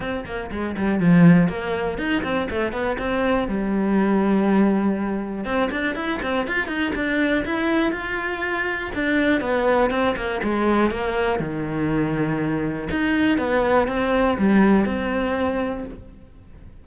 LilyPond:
\new Staff \with { instrumentName = "cello" } { \time 4/4 \tempo 4 = 121 c'8 ais8 gis8 g8 f4 ais4 | dis'8 c'8 a8 b8 c'4 g4~ | g2. c'8 d'8 | e'8 c'8 f'8 dis'8 d'4 e'4 |
f'2 d'4 b4 | c'8 ais8 gis4 ais4 dis4~ | dis2 dis'4 b4 | c'4 g4 c'2 | }